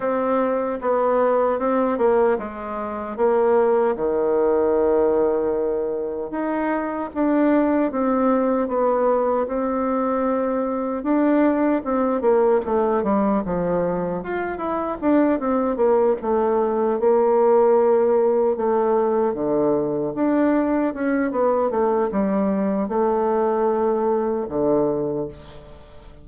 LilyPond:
\new Staff \with { instrumentName = "bassoon" } { \time 4/4 \tempo 4 = 76 c'4 b4 c'8 ais8 gis4 | ais4 dis2. | dis'4 d'4 c'4 b4 | c'2 d'4 c'8 ais8 |
a8 g8 f4 f'8 e'8 d'8 c'8 | ais8 a4 ais2 a8~ | a8 d4 d'4 cis'8 b8 a8 | g4 a2 d4 | }